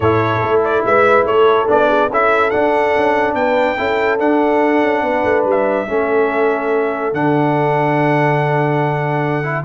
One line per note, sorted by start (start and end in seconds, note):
0.00 0.41 A2
0.00 1.66 E4
0.00 0.80 A4
0.00 0.61 C#5
0.42 0.84 A3
0.64 0.85 D5
0.85 1.24 G#3
0.85 1.27 B4
0.85 1.26 E5
1.24 1.66 A3
1.24 1.87 A4
1.24 1.68 C#5
1.66 2.09 B3
1.66 2.08 D4
1.66 2.12 D5
1.87 2.08 G#4
2.09 2.51 C#4
2.09 2.51 E4
2.09 3.37 A4
2.09 2.50 E5
2.50 3.76 D4
2.50 2.96 D4
2.50 3.34 F#5
2.96 3.33 C#4
3.33 3.75 B3
3.33 3.78 B4
3.33 4.18 G5
3.76 4.19 C#4
3.76 4.18 E4
3.76 5.02 A4
4.19 4.82 D4
4.19 5.87 D4
4.19 5.45 F#5
4.82 5.02 C#4
5.02 5.23 B3
5.02 5.86 B4
5.24 5.44 A3
5.44 5.86 G3
5.44 7.13 E5
5.87 7.13 A3
5.87 7.13 C#4
5.87 9.65 A4
7.13 9.65 D3
7.13 9.43 D4
7.13 9.65 F#5
9.43 9.64 E4